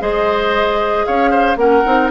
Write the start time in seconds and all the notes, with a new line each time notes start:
0.00 G#3 G#4 C5 D#5
1.06 C#4 C#5 F5
1.31 C5
1.57 A#3 C#4 A#4 F#5
1.85 C4 D#4